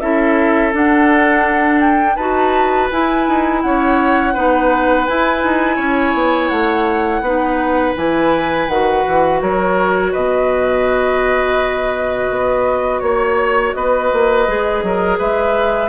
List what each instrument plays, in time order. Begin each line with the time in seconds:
0.00 bassoon C#4, clarinet E4, oboe A4, flute E5
0.72 clarinet D4, bassoon D4, flute F#5
1.80 flute G5
2.16 bassoon D#4, clarinet F#4, oboe B4, flute A5
2.91 clarinet E4, bassoon E4, flute G#5
3.28 bassoon D#4
3.61 bassoon C#4, oboe C#5, flute F#5
4.33 bassoon B3, clarinet D#4, oboe B4
5.06 clarinet E4, bassoon E4, flute G#5
5.43 bassoon D#4
5.76 bassoon C#4, oboe C#5
6.13 bassoon B3
6.48 bassoon A3, flute F#5
7.20 bassoon B3, clarinet D#4, oboe B4
7.96 bassoon E3, clarinet E4, flute G#5
8.67 bassoon D#3, clarinet F#4, flute F#5
9.07 bassoon E3
9.41 bassoon F#3, oboe A#4, flute C#5
10.11 bassoon B2, oboe B4, flute D#5
12.30 bassoon B3
13.00 bassoon A#3, flute C#5, oboe C#5
13.72 bassoon B3, oboe B4, flute D#5
14.12 bassoon A#3
14.48 bassoon G#3, clarinet G#4
14.82 bassoon F#3, oboe A#4
15.18 bassoon G#3, oboe B4, flute E5